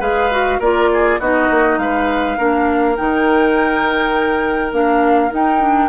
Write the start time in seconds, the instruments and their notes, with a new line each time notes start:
0.00 bassoon G#3, clarinet G#4, oboe B4, flute F5
0.31 clarinet F#4
0.60 bassoon A#3, clarinet F4, oboe A#4, flute D5
0.94 oboe G#4
1.20 bassoon B3, clarinet D#4, oboe F#4, flute D#5
1.50 bassoon A#3
1.78 bassoon G#3, oboe B4, flute F5
2.37 bassoon A#3, clarinet D4, oboe A#4
2.96 bassoon D#3, clarinet D#4, flute G5
4.72 bassoon A#3, clarinet D4, flute F5
5.31 clarinet D#4, bassoon D#4, flute G5
5.60 clarinet D4